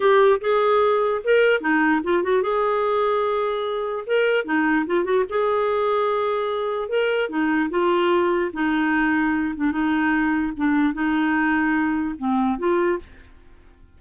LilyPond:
\new Staff \with { instrumentName = "clarinet" } { \time 4/4 \tempo 4 = 148 g'4 gis'2 ais'4 | dis'4 f'8 fis'8 gis'2~ | gis'2 ais'4 dis'4 | f'8 fis'8 gis'2.~ |
gis'4 ais'4 dis'4 f'4~ | f'4 dis'2~ dis'8 d'8 | dis'2 d'4 dis'4~ | dis'2 c'4 f'4 | }